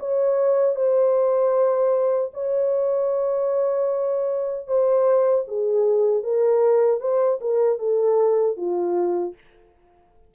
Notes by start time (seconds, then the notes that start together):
0.00 C#5
0.76 C5
2.34 C#5
4.68 C5
5.48 G#4
6.24 A#4
7.01 C5
7.41 A#4
7.79 A4
8.57 F4